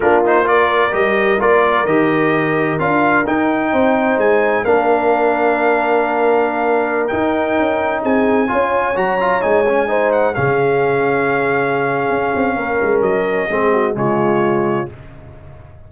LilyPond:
<<
  \new Staff \with { instrumentName = "trumpet" } { \time 4/4 \tempo 4 = 129 ais'8 c''8 d''4 dis''4 d''4 | dis''2 f''4 g''4~ | g''4 gis''4 f''2~ | f''2.~ f''16 g''8.~ |
g''4~ g''16 gis''2 ais''8.~ | ais''16 gis''4. fis''8 f''4.~ f''16~ | f''1 | dis''2 cis''2 | }
  \new Staff \with { instrumentName = "horn" } { \time 4/4 f'4 ais'2.~ | ais'1 | c''2 ais'2~ | ais'1~ |
ais'4~ ais'16 gis'4 cis''4.~ cis''16~ | cis''4~ cis''16 c''4 gis'4.~ gis'16~ | gis'2. ais'4~ | ais'4 gis'8 fis'8 f'2 | }
  \new Staff \with { instrumentName = "trombone" } { \time 4/4 d'8 dis'8 f'4 g'4 f'4 | g'2 f'4 dis'4~ | dis'2 d'2~ | d'2.~ d'16 dis'8.~ |
dis'2~ dis'16 f'4 fis'8 f'16~ | f'16 dis'8 cis'8 dis'4 cis'4.~ cis'16~ | cis'1~ | cis'4 c'4 gis2 | }
  \new Staff \with { instrumentName = "tuba" } { \time 4/4 ais2 g4 ais4 | dis2 d'4 dis'4 | c'4 gis4 ais2~ | ais2.~ ais16 dis'8.~ |
dis'16 cis'4 c'4 cis'4 fis8.~ | fis16 gis2 cis4.~ cis16~ | cis2 cis'8 c'8 ais8 gis8 | fis4 gis4 cis2 | }
>>